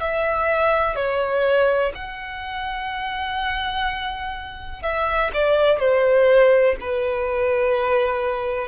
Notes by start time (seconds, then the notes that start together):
0.00 E5
0.95 C#5
1.94 F#5
4.82 E5
5.33 D5
5.78 C5
6.80 B4